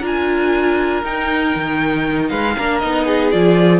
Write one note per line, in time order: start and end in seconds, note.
0.00 1.03 D4
0.00 1.03 F4
0.00 2.29 A#4
0.06 1.04 G#5
1.03 1.54 D#4
1.03 2.56 D#4
1.03 2.29 G5
1.55 2.31 D#3
2.29 2.56 G#3
2.29 2.55 B4
2.29 2.79 F5
2.56 2.83 A#3
2.56 2.82 D4
2.56 3.06 A#4
2.79 3.33 B3
2.79 3.32 D#4
2.79 3.29 D#5
3.06 3.80 G#4
3.31 3.80 F3
3.31 3.80 F4
3.31 3.80 D5